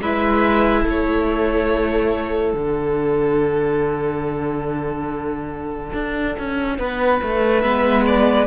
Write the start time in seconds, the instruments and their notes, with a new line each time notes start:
0.00 cello G#3, viola E4, violin B4 E5
0.82 cello A3, violin A4
0.89 violin C#5
2.53 cello D3, viola D4, violin F#5
5.93 cello D4
6.39 cello C#4
6.78 cello B3, violin B4
7.22 cello A3
7.60 cello G#3, viola B3, violin E5
8.06 violin D5